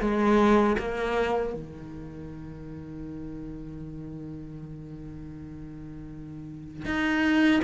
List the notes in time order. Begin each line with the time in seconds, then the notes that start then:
0.00 G#3
0.78 A#3
1.53 D#3
6.85 D#4